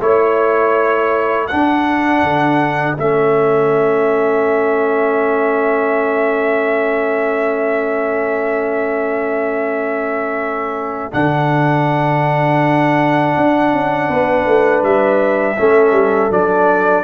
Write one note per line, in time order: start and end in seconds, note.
0.00 1.48 A3
0.00 1.48 E4
0.00 1.47 C#5
0.00 1.48 C#5
1.47 2.97 D4
1.47 14.08 A4
1.47 2.95 F#5
1.53 2.23 D4
2.23 2.97 D3
2.97 11.12 A3
2.97 11.11 C#4
2.97 11.13 E5
11.11 13.35 D3
11.11 15.56 D4
11.11 14.83 F#5
13.36 13.72 D4
13.72 14.08 C#4
14.08 14.45 B3
14.08 15.56 B4
14.45 14.82 A3
14.82 15.56 G3
14.82 16.32 E5
15.57 15.91 A3
15.57 16.30 C#4
15.57 17.04 A4
15.91 16.28 G3
16.30 17.04 F#3
16.30 17.04 D4
16.30 17.04 D5